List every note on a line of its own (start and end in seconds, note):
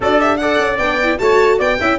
0.00 0.59 D4
0.00 0.19 F#4
0.00 0.40 A4
0.00 0.21 D5
0.19 0.39 G4
0.19 0.36 E5
0.36 0.80 A4
0.36 1.21 D5
0.36 0.76 F#5
0.59 0.78 C#4
0.78 1.18 B3
0.78 1.01 D4
0.78 1.18 G5
1.03 1.18 E4
1.18 1.59 A3
1.18 1.78 F#4
1.18 1.58 C#5
1.18 1.58 A5
1.58 1.79 B3
1.58 1.78 D5
1.58 1.98 G5
1.80 1.98 C#4
1.80 1.98 E4
1.80 1.98 E5